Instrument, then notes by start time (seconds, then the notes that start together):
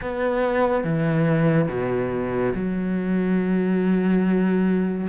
cello
0.01 B3
0.84 E3
1.68 B2
2.54 F#3